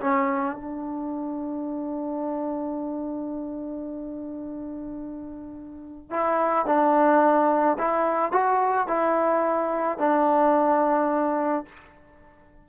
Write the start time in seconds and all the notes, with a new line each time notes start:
0.00 C#4
0.55 D4
6.10 E4
6.66 D4
7.78 E4
8.32 F#4
8.87 E4
9.98 D4